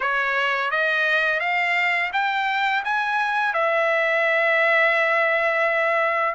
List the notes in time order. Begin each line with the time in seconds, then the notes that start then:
0.00 C#5
0.70 D#5
1.40 F5
2.12 G5
2.84 G#5
3.53 E5